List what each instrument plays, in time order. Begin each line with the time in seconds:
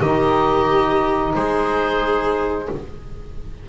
0.00 double bass D#3, saxophone D#4, viola G4, oboe D#5
1.35 double bass G#3, viola G#4, oboe C5